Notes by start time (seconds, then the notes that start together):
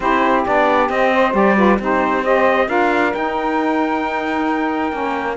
0.00 C4 E4 G4 C5
0.45 B3 D4 D5
0.89 C4 D#5
1.11 C5
1.33 G3 G4 D5
1.55 F4 B4
1.79 C4 D#4 G4 C5
2.24 G4 C5 D#5
2.67 D4 F4 A#4 F5
3.13 D#4 G5
4.91 A#3 C#4